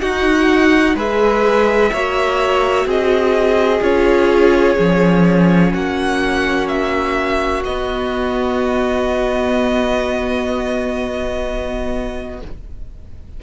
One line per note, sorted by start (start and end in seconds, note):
0.00 0.96 D#4
0.00 0.94 D#4
0.00 0.96 F#4
0.00 0.95 F#5
0.94 1.90 G#3
0.94 1.91 G#4
0.94 1.91 B4
0.94 2.89 E5
1.93 2.85 A#3
1.93 3.81 F#4
1.93 2.86 C#5
2.85 3.80 C4
2.85 5.72 G#4
2.85 3.82 D#5
3.81 4.76 C#4
3.81 4.77 F4
3.81 5.73 C#5
4.78 5.74 F3
4.78 7.63 C#4
5.73 7.65 A#3
5.73 12.40 F#4
5.73 6.67 F#5
6.67 7.62 E5
7.64 12.41 B3
7.64 12.42 B3
7.64 12.40 D#5